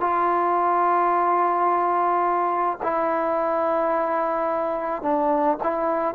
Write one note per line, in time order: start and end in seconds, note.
0.00 2.78 F4
2.82 5.02 E4
5.02 5.57 D4
5.63 6.14 E4